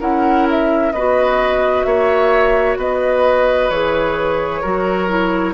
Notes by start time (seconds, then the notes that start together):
0.00 C#4 E4 A#4 F#5
0.50 E5
0.92 B3 F#4 B4 D#5
1.83 A#3 C#5 E5
2.77 B3 B4 D#5
3.70 E3 G#4 C#5
4.61 F#3 F#4 A#4
5.08 E4